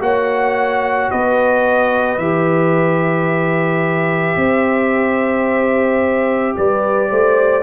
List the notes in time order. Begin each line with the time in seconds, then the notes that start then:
0.00 A#3 F#4 C#5 F#5
1.11 B3 B4 D#5
2.17 E3 G4 E5
4.36 C4 C5
6.57 G3 B4 D5
7.09 A3 C5